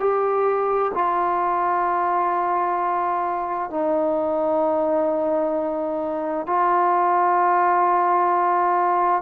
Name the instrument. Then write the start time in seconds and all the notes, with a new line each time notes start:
trombone
0.00 G4
0.94 F4
3.71 D#4
6.47 F4